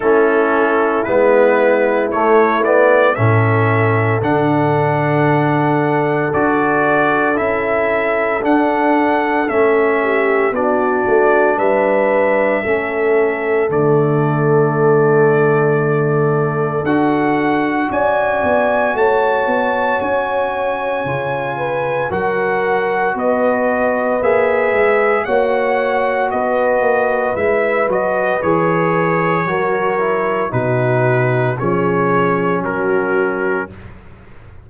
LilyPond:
<<
  \new Staff \with { instrumentName = "trumpet" } { \time 4/4 \tempo 4 = 57 a'4 b'4 cis''8 d''8 e''4 | fis''2 d''4 e''4 | fis''4 e''4 d''4 e''4~ | e''4 d''2. |
fis''4 gis''4 a''4 gis''4~ | gis''4 fis''4 dis''4 e''4 | fis''4 dis''4 e''8 dis''8 cis''4~ | cis''4 b'4 cis''4 ais'4 | }
  \new Staff \with { instrumentName = "horn" } { \time 4/4 e'2. a'4~ | a'1~ | a'4. g'8 fis'4 b'4 | a'1~ |
a'4 d''4 cis''2~ | cis''8 b'8 ais'4 b'2 | cis''4 b'2. | ais'4 fis'4 gis'4 fis'4 | }
  \new Staff \with { instrumentName = "trombone" } { \time 4/4 cis'4 b4 a8 b8 cis'4 | d'2 fis'4 e'4 | d'4 cis'4 d'2 | cis'4 a2. |
fis'1 | f'4 fis'2 gis'4 | fis'2 e'8 fis'8 gis'4 | fis'8 e'8 dis'4 cis'2 | }
  \new Staff \with { instrumentName = "tuba" } { \time 4/4 a4 gis4 a4 a,4 | d2 d'4 cis'4 | d'4 a4 b8 a8 g4 | a4 d2. |
d'4 cis'8 b8 a8 b8 cis'4 | cis4 fis4 b4 ais8 gis8 | ais4 b8 ais8 gis8 fis8 e4 | fis4 b,4 f4 fis4 | }
>>